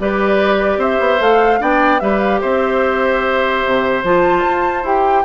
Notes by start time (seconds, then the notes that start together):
0.00 G3 G4 B4 D5
0.78 C4 C5 E5
1.00 B3
1.20 A3 A4 F5
1.60 B3 D4 D5 G5
2.00 G3 G4 B4 E5
2.20 F5
2.41 C4 C5 E5
3.66 C3
4.04 F3 F4 A5
4.46 F4
4.84 E4 G4 G5